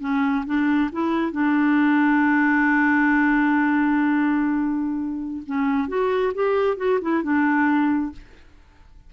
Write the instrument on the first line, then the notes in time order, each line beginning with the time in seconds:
clarinet
0.00 C#4
0.45 D4
0.92 E4
1.32 D4
5.46 C#4
5.88 F#4
6.34 G4
6.77 F#4
7.01 E4
7.23 D4